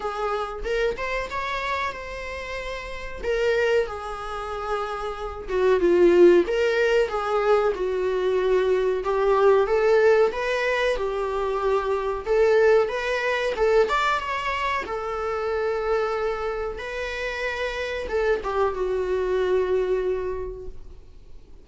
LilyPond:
\new Staff \with { instrumentName = "viola" } { \time 4/4 \tempo 4 = 93 gis'4 ais'8 c''8 cis''4 c''4~ | c''4 ais'4 gis'2~ | gis'8 fis'8 f'4 ais'4 gis'4 | fis'2 g'4 a'4 |
b'4 g'2 a'4 | b'4 a'8 d''8 cis''4 a'4~ | a'2 b'2 | a'8 g'8 fis'2. | }